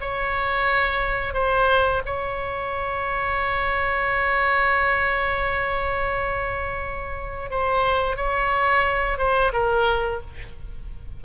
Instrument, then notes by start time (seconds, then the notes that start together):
oboe
0.00 C#5
1.33 C5
2.05 C#5
7.50 C5
8.16 C#5
9.18 C5
9.52 A#4